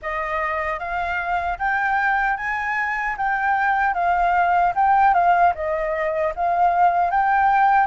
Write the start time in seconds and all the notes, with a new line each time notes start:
0.01 D#5
0.79 F5
1.58 G5
2.36 G#5
3.17 G5
3.94 F5
4.75 G5
5.14 F5
5.54 D#5
6.35 F5
7.11 G5